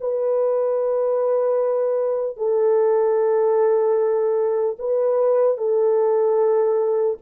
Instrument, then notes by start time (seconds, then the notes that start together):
horn
0.00 B4
2.36 A4
4.79 B4
5.57 A4